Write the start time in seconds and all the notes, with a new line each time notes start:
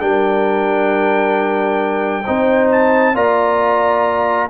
0.00 G3 D4 A#4 G5
2.25 C4 D#4 C5
2.72 A5
3.14 A#3 F4 D5 A#5